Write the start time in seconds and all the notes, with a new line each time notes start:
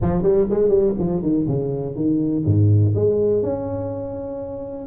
0.01 F3
0.22 G3
0.50 G#3
0.69 G3
0.99 F3
1.22 D#3
1.47 C#3
1.95 D#3
2.45 G#2
2.95 G#3
3.42 C#4